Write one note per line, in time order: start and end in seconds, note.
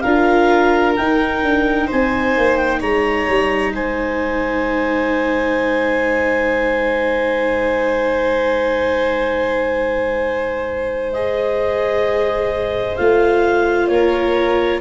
0.00 0.96 D4
0.00 0.97 F4
0.00 1.87 A#4
0.00 0.92 F5
0.96 1.42 D#4
0.96 11.13 D#4
0.96 1.88 G5
1.42 1.88 D4
1.87 2.37 C4
1.87 2.79 C5
1.87 2.56 G#5
2.37 2.81 A#3
2.56 2.79 G5
2.80 3.27 G#3
2.80 3.72 C#5
2.80 3.74 A#5
3.28 3.73 G3
3.73 12.96 G#3
3.73 13.90 C5
3.73 11.12 G#5
11.12 12.97 G#4
11.12 12.96 D#5
12.96 13.88 A3
12.96 14.81 F4
12.96 13.87 F5
13.87 14.80 A#3
13.87 14.81 A#4
13.87 14.80 C#5